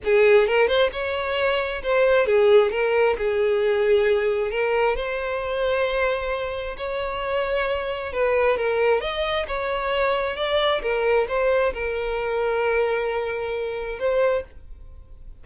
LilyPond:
\new Staff \with { instrumentName = "violin" } { \time 4/4 \tempo 4 = 133 gis'4 ais'8 c''8 cis''2 | c''4 gis'4 ais'4 gis'4~ | gis'2 ais'4 c''4~ | c''2. cis''4~ |
cis''2 b'4 ais'4 | dis''4 cis''2 d''4 | ais'4 c''4 ais'2~ | ais'2. c''4 | }